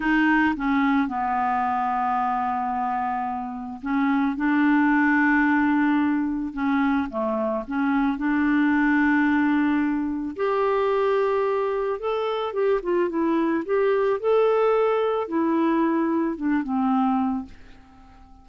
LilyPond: \new Staff \with { instrumentName = "clarinet" } { \time 4/4 \tempo 4 = 110 dis'4 cis'4 b2~ | b2. cis'4 | d'1 | cis'4 a4 cis'4 d'4~ |
d'2. g'4~ | g'2 a'4 g'8 f'8 | e'4 g'4 a'2 | e'2 d'8 c'4. | }